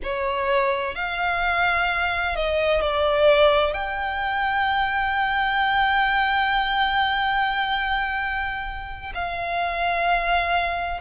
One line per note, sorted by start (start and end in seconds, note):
0.03 0.95 C#5
0.95 2.35 F5
2.35 2.81 D#5
2.81 3.73 D5
3.73 9.12 G5
9.14 11.00 F5